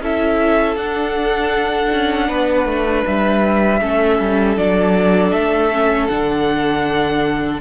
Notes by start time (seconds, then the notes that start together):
0.00 C#4 E4 A4 E5
0.76 D4 F#5
1.92 C#4
2.28 B3 B4
2.65 A3
3.06 G3 E5
3.81 A3 C#4 A4
4.19 G3
4.57 F#3 D4 D5
5.31 A3 E5
5.72 C#4
6.07 D3 D4 F#5